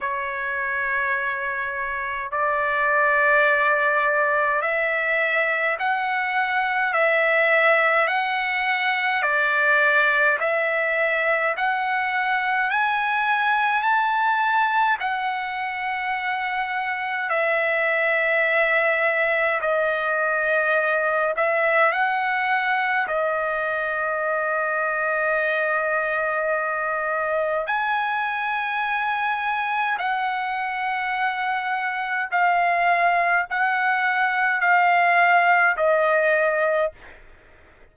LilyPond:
\new Staff \with { instrumentName = "trumpet" } { \time 4/4 \tempo 4 = 52 cis''2 d''2 | e''4 fis''4 e''4 fis''4 | d''4 e''4 fis''4 gis''4 | a''4 fis''2 e''4~ |
e''4 dis''4. e''8 fis''4 | dis''1 | gis''2 fis''2 | f''4 fis''4 f''4 dis''4 | }